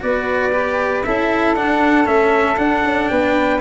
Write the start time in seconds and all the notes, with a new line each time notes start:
0.00 B3 F#4 B4 D5
0.52 G4
1.03 C#4 E4 A4 E5
1.55 D4 F#5
2.05 A3 C#4 E5
2.57 D4 F#5
2.84 C#4
3.08 B3 B4 G5